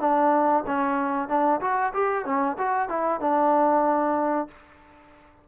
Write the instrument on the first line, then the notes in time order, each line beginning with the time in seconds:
trombone
0.00 D4
0.66 C#4
1.28 D4
1.61 F#4
1.94 G4
2.25 C#4
2.58 F#4
2.89 E4
3.20 D4